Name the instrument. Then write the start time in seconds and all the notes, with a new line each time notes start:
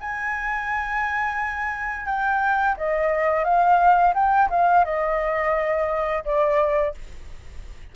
flute
0.00 G#5
2.05 G5
2.77 D#5
3.44 F5
4.14 G5
4.49 F5
4.84 D#5
6.24 D5